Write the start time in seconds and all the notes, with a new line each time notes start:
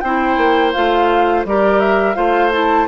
0.00 C4 E4 C5 G5
0.38 A#3
0.73 A3 F4 F5
1.45 G3 G4 A#4 D5
1.80 E5
2.15 A3 F4 C5 F5
2.53 E4 A5